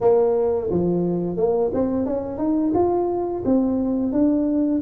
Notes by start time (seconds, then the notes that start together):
0.00 A#3
0.70 F3
1.36 A#3
1.73 C4
2.06 C#4
2.38 D#4
2.74 F4
3.45 C4
4.12 D4